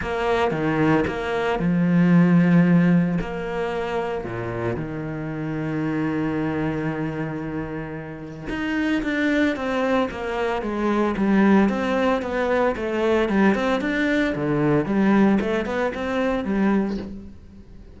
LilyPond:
\new Staff \with { instrumentName = "cello" } { \time 4/4 \tempo 4 = 113 ais4 dis4 ais4 f4~ | f2 ais2 | ais,4 dis2.~ | dis1 |
dis'4 d'4 c'4 ais4 | gis4 g4 c'4 b4 | a4 g8 c'8 d'4 d4 | g4 a8 b8 c'4 g4 | }